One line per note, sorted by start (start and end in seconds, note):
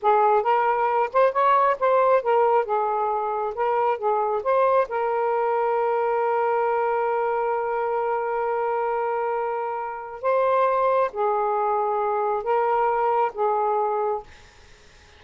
0.01 0.42 G#4
0.42 1.09 A#4
1.12 1.32 C5
1.32 1.77 C#5
1.79 2.22 C5
2.22 2.65 A#4
2.65 3.54 G#4
3.54 3.98 A#4
3.98 4.42 G#4
4.43 4.87 C5
4.88 10.22 A#4
10.22 11.11 C5
11.13 12.43 G#4
12.43 13.32 A#4
13.34 14.23 G#4